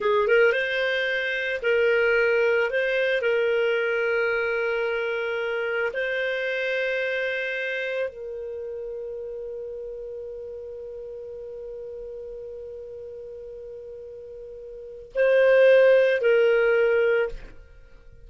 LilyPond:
\new Staff \with { instrumentName = "clarinet" } { \time 4/4 \tempo 4 = 111 gis'8 ais'8 c''2 ais'4~ | ais'4 c''4 ais'2~ | ais'2. c''4~ | c''2. ais'4~ |
ais'1~ | ais'1~ | ais'1 | c''2 ais'2 | }